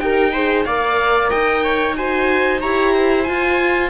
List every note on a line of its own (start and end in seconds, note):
0.00 0.65 D#4
0.00 0.34 G4
0.00 0.33 A#4
0.00 0.65 G5
0.33 0.68 G#4
0.33 0.65 C5
0.65 1.31 A#3
0.65 1.96 A#4
0.65 1.30 D5
0.65 1.30 F5
1.30 2.64 D#4
1.30 1.63 D#5
1.30 1.96 G5
1.64 1.97 C#5
1.96 2.61 F#4
1.96 2.61 C5
1.96 2.61 G#5
2.61 3.29 E4
2.61 3.26 G4
2.61 2.93 C#5
2.61 3.24 A#5
2.93 3.90 C5
3.24 3.90 F4
3.24 3.89 G#5